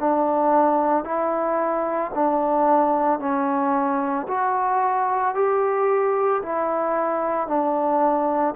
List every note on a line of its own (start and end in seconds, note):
0.00 1.05 D4
1.05 2.12 E4
2.15 3.20 D4
3.20 4.27 C#4
4.29 5.35 F#4
5.35 6.42 G4
6.43 7.48 E4
7.48 8.55 D4